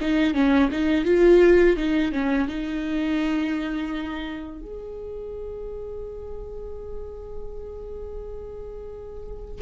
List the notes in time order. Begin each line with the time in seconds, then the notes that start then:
0.00 D#4
0.33 C#4
0.71 D#4
1.05 F4
1.76 D#4
2.12 C#4
2.48 D#4
4.61 G#4